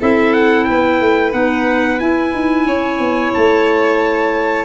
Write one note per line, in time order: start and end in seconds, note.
0.00 0.69 C4
0.00 1.32 E4
0.00 0.67 A4
0.00 0.34 E5
0.34 0.65 F#5
0.65 1.01 B3
0.65 2.67 B4
0.65 1.32 G5
1.01 1.34 A3
1.32 2.00 B3
1.32 1.99 D#4
1.32 2.00 F#5
2.00 2.34 E4
2.00 4.66 E4
2.00 3.33 G#5
2.34 2.67 D#4
2.67 2.99 C#4
2.67 4.66 C#5
2.99 3.33 B3
3.34 4.66 A3
3.34 4.66 A5